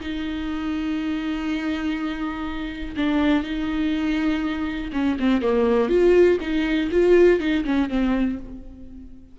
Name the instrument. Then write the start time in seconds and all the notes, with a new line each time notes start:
viola
0.00 D#4
2.96 D4
3.43 D#4
4.92 C#4
5.19 C4
5.42 A#3
5.89 F4
6.40 D#4
6.91 F4
7.39 D#4
7.65 C#4
7.89 C4